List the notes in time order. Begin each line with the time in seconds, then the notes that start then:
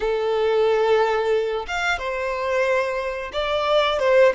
0.00 A4
1.67 F5
1.98 C5
3.32 D5
3.99 C5